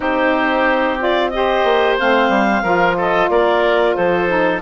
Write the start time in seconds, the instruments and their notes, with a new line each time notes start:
0.00 bassoon C4, saxophone D#4, oboe G4, clarinet C5
0.98 saxophone F4, clarinet D5
1.29 saxophone G4, clarinet D#5
1.36 oboe C5
1.63 bassoon A#3
1.98 bassoon A3, saxophone C4, clarinet F5
2.28 bassoon G3
2.62 bassoon F3, saxophone F4, oboe A#4
2.97 oboe A4, clarinet D#5
3.29 bassoon A#3, oboe A#4, clarinet D5
3.95 bassoon F3, oboe A4, clarinet C5
4.27 saxophone D#4